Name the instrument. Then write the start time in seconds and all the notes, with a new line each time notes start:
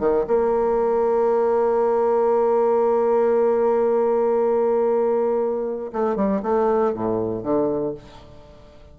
bassoon
0.00 D#3
0.28 A#3
5.93 A3
6.16 G3
6.43 A3
6.94 A2
7.43 D3